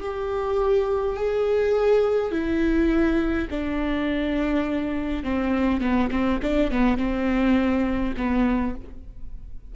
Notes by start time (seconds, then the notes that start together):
0.00 G4
1.16 G#4
2.31 E4
3.50 D4
5.23 C4
5.81 B3
6.11 C4
6.42 D4
6.71 B3
6.97 C4
8.17 B3